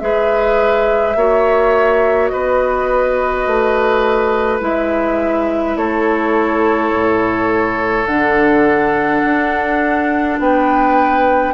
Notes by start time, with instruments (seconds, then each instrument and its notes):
0.00 bassoon G#3, clarinet G#4, oboe B4, flute E5
1.16 bassoon A#3, clarinet F#4, oboe C#5
2.29 bassoon B3, oboe B4, flute D#5
3.47 bassoon A3
4.61 bassoon G#3, clarinet E4, flute E5
5.76 bassoon A3, oboe A4, flute C#5
6.95 bassoon A2
8.07 bassoon D3, clarinet D4, flute F#5
9.25 bassoon D4
10.39 bassoon B3, oboe B4, flute G5